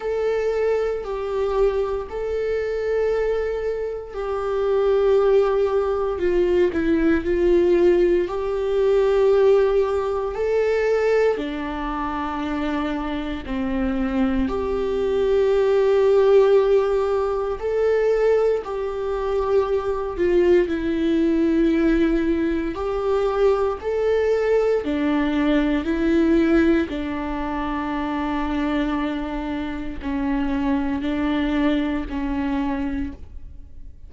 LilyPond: \new Staff \with { instrumentName = "viola" } { \time 4/4 \tempo 4 = 58 a'4 g'4 a'2 | g'2 f'8 e'8 f'4 | g'2 a'4 d'4~ | d'4 c'4 g'2~ |
g'4 a'4 g'4. f'8 | e'2 g'4 a'4 | d'4 e'4 d'2~ | d'4 cis'4 d'4 cis'4 | }